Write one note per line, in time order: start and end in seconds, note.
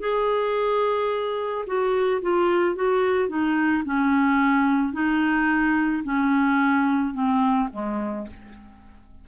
0.00 1.65 G#4
1.67 2.22 F#4
2.22 2.75 F4
2.75 3.29 F#4
3.29 3.84 D#4
3.85 4.93 C#4
4.93 6.03 D#4
6.04 7.14 C#4
7.14 7.69 C4
7.72 8.27 G#3